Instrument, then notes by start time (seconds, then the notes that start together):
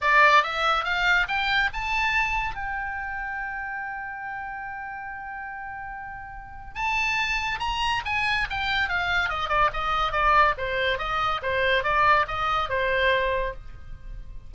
oboe
0.01 D5
0.43 E5
0.84 F5
1.28 G5
1.73 A5
2.54 G5
6.74 A5
7.59 A#5
8.05 G#5
8.50 G5
8.88 F5
9.29 D#5
9.49 D5
9.73 D#5
10.12 D5
10.57 C5
10.98 D#5
11.42 C5
11.83 D5
12.27 D#5
12.69 C5